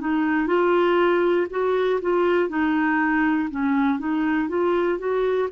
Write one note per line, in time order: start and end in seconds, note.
0.00 0.47 D#4
0.47 1.47 F4
1.50 2.00 F#4
2.02 2.49 F4
2.49 3.49 D#4
3.50 3.99 C#4
3.99 4.49 D#4
4.49 4.99 F4
4.99 5.49 F#4